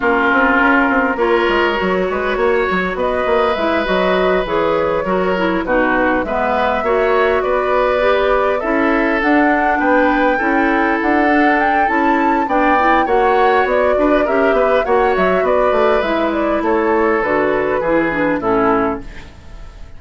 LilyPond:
<<
  \new Staff \with { instrumentName = "flute" } { \time 4/4 \tempo 4 = 101 ais'2 cis''2~ | cis''4 dis''4 e''8 dis''4 cis''8~ | cis''4. b'4 e''4.~ | e''8 d''2 e''4 fis''8~ |
fis''8 g''2 fis''4 g''8 | a''4 g''4 fis''4 d''4 | e''4 fis''8 e''8 d''4 e''8 d''8 | cis''4 b'2 a'4 | }
  \new Staff \with { instrumentName = "oboe" } { \time 4/4 f'2 ais'4. b'8 | cis''4 b'2.~ | b'8 ais'4 fis'4 b'4 cis''8~ | cis''8 b'2 a'4.~ |
a'8 b'4 a'2~ a'8~ | a'4 d''4 cis''4. b'8 | ais'8 b'8 cis''4 b'2 | a'2 gis'4 e'4 | }
  \new Staff \with { instrumentName = "clarinet" } { \time 4/4 cis'2 f'4 fis'4~ | fis'2 e'8 fis'4 gis'8~ | gis'8 fis'8 e'8 dis'4 b4 fis'8~ | fis'4. g'4 e'4 d'8~ |
d'4. e'4. d'4 | e'4 d'8 e'8 fis'2 | g'4 fis'2 e'4~ | e'4 fis'4 e'8 d'8 cis'4 | }
  \new Staff \with { instrumentName = "bassoon" } { \time 4/4 ais8 c'8 cis'8 c'8 ais8 gis8 fis8 gis8 | ais8 fis8 b8 ais8 gis8 fis4 e8~ | e8 fis4 b,4 gis4 ais8~ | ais8 b2 cis'4 d'8~ |
d'8 b4 cis'4 d'4. | cis'4 b4 ais4 b8 d'8 | cis'8 b8 ais8 fis8 b8 a8 gis4 | a4 d4 e4 a,4 | }
>>